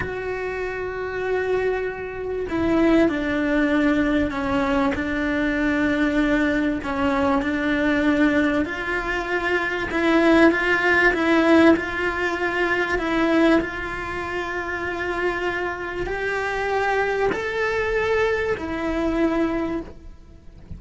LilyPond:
\new Staff \with { instrumentName = "cello" } { \time 4/4 \tempo 4 = 97 fis'1 | e'4 d'2 cis'4 | d'2. cis'4 | d'2 f'2 |
e'4 f'4 e'4 f'4~ | f'4 e'4 f'2~ | f'2 g'2 | a'2 e'2 | }